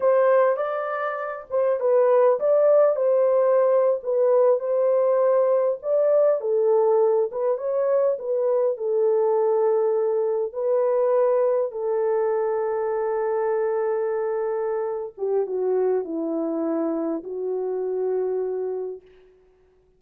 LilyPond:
\new Staff \with { instrumentName = "horn" } { \time 4/4 \tempo 4 = 101 c''4 d''4. c''8 b'4 | d''4 c''4.~ c''16 b'4 c''16~ | c''4.~ c''16 d''4 a'4~ a'16~ | a'16 b'8 cis''4 b'4 a'4~ a'16~ |
a'4.~ a'16 b'2 a'16~ | a'1~ | a'4. g'8 fis'4 e'4~ | e'4 fis'2. | }